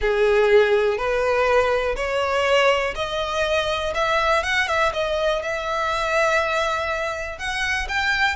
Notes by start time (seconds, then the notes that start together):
0.01 G#4
0.97 B4
1.95 C#5
2.95 D#5
3.94 E5
4.43 F#5
4.67 E5
4.93 D#5
5.42 E5
7.38 F#5
7.88 G5